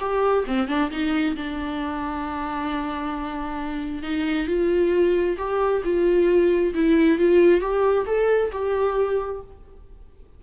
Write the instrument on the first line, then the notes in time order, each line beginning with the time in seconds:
viola
0.00 G4
0.47 C4
0.68 D4
0.91 D#4
1.36 D4
4.03 D#4
4.47 F4
5.38 G4
5.84 F4
6.75 E4
7.18 F4
7.61 G4
8.07 A4
8.52 G4